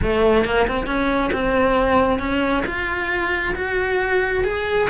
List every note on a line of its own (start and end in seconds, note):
0.02 0.44 A3
0.44 0.67 A#3
0.67 0.86 C4
0.86 1.31 C#4
1.32 2.19 C4
2.19 2.63 C#4
2.65 3.54 F4
3.55 4.44 F#4
4.44 4.88 G#4